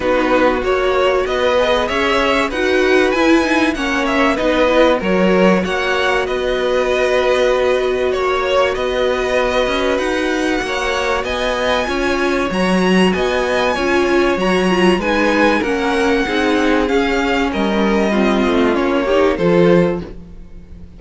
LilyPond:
<<
  \new Staff \with { instrumentName = "violin" } { \time 4/4 \tempo 4 = 96 b'4 cis''4 dis''4 e''4 | fis''4 gis''4 fis''8 e''8 dis''4 | cis''4 fis''4 dis''2~ | dis''4 cis''4 dis''2 |
fis''2 gis''2 | ais''4 gis''2 ais''4 | gis''4 fis''2 f''4 | dis''2 cis''4 c''4 | }
  \new Staff \with { instrumentName = "violin" } { \time 4/4 fis'2 b'4 cis''4 | b'2 cis''4 b'4 | ais'4 cis''4 b'2~ | b'4 cis''4 b'2~ |
b'4 cis''4 dis''4 cis''4~ | cis''4 dis''4 cis''2 | b'4 ais'4 gis'2 | ais'4 f'4. g'8 a'4 | }
  \new Staff \with { instrumentName = "viola" } { \time 4/4 dis'4 fis'4. gis'4. | fis'4 e'8 dis'8 cis'4 dis'8 e'8 | fis'1~ | fis'1~ |
fis'2. f'4 | fis'2 f'4 fis'8 f'8 | dis'4 cis'4 dis'4 cis'4~ | cis'4 c'4 cis'8 dis'8 f'4 | }
  \new Staff \with { instrumentName = "cello" } { \time 4/4 b4 ais4 b4 cis'4 | dis'4 e'4 ais4 b4 | fis4 ais4 b2~ | b4 ais4 b4. cis'8 |
dis'4 ais4 b4 cis'4 | fis4 b4 cis'4 fis4 | gis4 ais4 c'4 cis'4 | g4. a8 ais4 f4 | }
>>